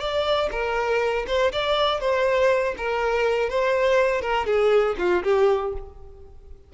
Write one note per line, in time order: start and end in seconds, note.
0.00 0.50 D5
0.51 1.26 A#4
1.27 1.52 C5
1.52 2.00 D5
2.00 2.75 C5
2.77 3.49 A#4
3.49 4.21 C5
4.21 4.46 A#4
4.46 4.96 G#4
4.98 5.23 F4
5.23 5.73 G4